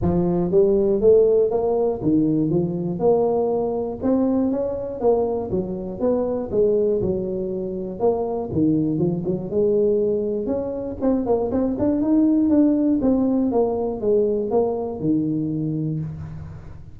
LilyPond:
\new Staff \with { instrumentName = "tuba" } { \time 4/4 \tempo 4 = 120 f4 g4 a4 ais4 | dis4 f4 ais2 | c'4 cis'4 ais4 fis4 | b4 gis4 fis2 |
ais4 dis4 f8 fis8 gis4~ | gis4 cis'4 c'8 ais8 c'8 d'8 | dis'4 d'4 c'4 ais4 | gis4 ais4 dis2 | }